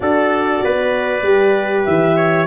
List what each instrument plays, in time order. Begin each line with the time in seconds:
0.00 tuba D4, horn F#4, trumpet A4, clarinet D5
0.63 tuba B3, trumpet B4
1.22 tuba G3, horn G4
1.85 tuba E3, clarinet E5
2.16 trumpet C#5